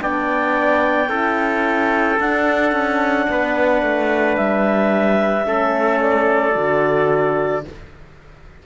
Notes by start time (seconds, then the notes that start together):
0.00 B3 D4 D5 G5
1.10 C#4 E4 A4
2.19 D4 F#5
2.72 C#4
3.30 B3 B4
3.82 A3
4.37 G3 E5
5.45 A3 C#4 A4
6.01 D5
6.55 D3 F#4